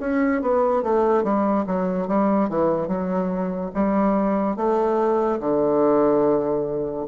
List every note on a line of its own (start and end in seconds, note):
0.00 0.41 C#4
0.41 0.83 B3
0.83 1.23 A3
1.23 1.65 G3
1.66 2.07 F#3
2.07 2.49 G3
2.49 2.87 E3
2.87 3.70 F#3
3.74 4.56 G3
4.56 5.39 A3
5.39 7.06 D3